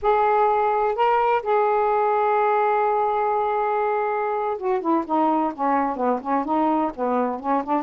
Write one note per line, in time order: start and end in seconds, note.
0.01 0.95 G#4
0.95 1.42 A#4
1.42 4.57 G#4
4.57 4.80 F#4
4.80 5.04 E4
5.05 5.52 D#4
5.54 5.96 C#4
5.96 6.20 B3
6.21 6.44 C#4
6.44 6.91 D#4
6.95 7.39 B3
7.39 7.63 C#4
7.63 7.83 D4